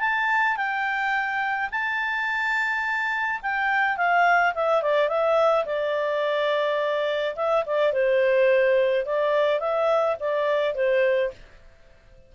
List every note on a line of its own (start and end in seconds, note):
0.00 0.57 A5
0.57 1.70 G5
1.71 3.41 A5
3.42 3.97 G5
3.97 4.54 F5
4.55 4.82 E5
4.82 5.09 D5
5.09 5.65 E5
5.66 7.35 D5
7.36 7.64 E5
7.66 7.93 D5
7.93 9.06 C5
9.06 9.60 D5
9.60 10.17 E5
10.20 10.75 D5
10.75 11.31 C5